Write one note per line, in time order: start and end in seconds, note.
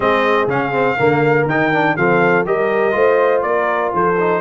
0.00 0.47 G#3
0.00 0.48 C4
0.00 0.96 G#4
0.00 0.48 D#5
0.47 0.96 C#3
0.47 0.72 C#4
0.47 1.48 F5
0.72 0.96 C4
0.96 1.45 D3
0.96 1.49 A#3
0.96 1.95 A#4
1.45 1.94 D#3
1.45 1.72 D#4
1.45 1.96 G5
1.72 1.97 D4
1.96 2.45 F3
1.96 2.45 C4
1.96 2.47 A4
1.96 2.45 F5
2.45 2.94 G3
2.45 2.91 G4
2.45 2.94 A#4
2.45 3.42 D#5
2.91 3.43 A3
2.91 4.14 F4
2.91 3.43 C5
3.42 3.92 A#3
3.42 3.93 A#4
3.42 3.91 D5
3.93 4.41 F3
3.93 4.41 A4
3.93 4.41 C5
4.19 4.41 D#4